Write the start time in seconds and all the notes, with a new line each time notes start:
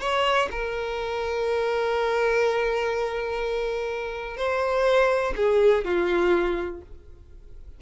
0.00 C#5
0.51 A#4
4.37 C5
5.36 G#4
5.84 F4